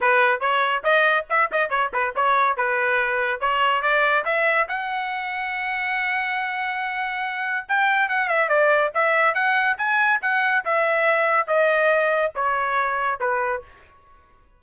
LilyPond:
\new Staff \with { instrumentName = "trumpet" } { \time 4/4 \tempo 4 = 141 b'4 cis''4 dis''4 e''8 dis''8 | cis''8 b'8 cis''4 b'2 | cis''4 d''4 e''4 fis''4~ | fis''1~ |
fis''2 g''4 fis''8 e''8 | d''4 e''4 fis''4 gis''4 | fis''4 e''2 dis''4~ | dis''4 cis''2 b'4 | }